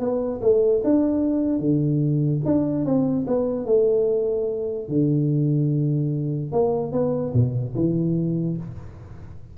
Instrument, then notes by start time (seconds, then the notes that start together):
tuba
0.00 B3
0.42 A3
0.84 D4
1.60 D3
2.46 D4
2.86 C4
3.28 B3
3.66 A3
4.89 D3
6.52 A#3
6.93 B3
7.34 B2
7.76 E3